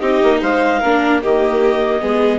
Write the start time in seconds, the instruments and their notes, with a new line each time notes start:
0.00 bassoon C4, viola D#4, violin G4, clarinet D#5
0.24 bassoon A#3
0.41 bassoon G#3, violin C5, clarinet F5
0.80 bassoon A#3, viola D4, violin A#4
1.22 bassoon D#3, viola A#3, violin G4, clarinet D#5
2.00 bassoon G#3, viola B3, violin G#4